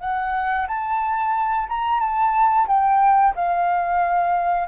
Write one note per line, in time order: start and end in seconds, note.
0.00 0.67 F#5
0.67 1.67 A5
1.69 2.00 A#5
2.00 2.67 A5
2.68 3.34 G5
3.35 4.68 F5